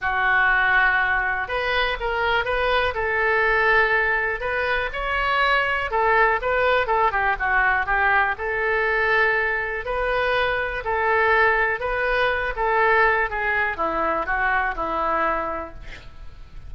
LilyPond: \new Staff \with { instrumentName = "oboe" } { \time 4/4 \tempo 4 = 122 fis'2. b'4 | ais'4 b'4 a'2~ | a'4 b'4 cis''2 | a'4 b'4 a'8 g'8 fis'4 |
g'4 a'2. | b'2 a'2 | b'4. a'4. gis'4 | e'4 fis'4 e'2 | }